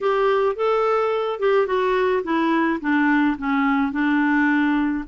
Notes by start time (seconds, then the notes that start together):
0.01 G4
0.55 A4
1.39 G4
1.66 F#4
2.23 E4
2.80 D4
3.37 C#4
3.92 D4